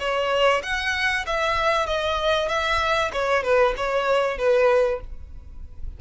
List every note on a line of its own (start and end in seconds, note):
0.00 0.62 C#5
0.63 1.26 F#5
1.27 1.87 E5
1.87 2.49 D#5
2.49 3.12 E5
3.13 3.44 C#5
3.44 3.75 B4
3.77 4.38 C#5
4.38 5.01 B4